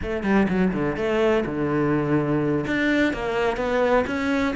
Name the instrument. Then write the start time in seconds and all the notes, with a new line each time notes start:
cello
0.02 A3
0.23 G3
0.48 F#3
0.73 D3
0.96 A3
1.45 D3
2.66 D4
3.13 A#3
3.57 B3
4.06 C#4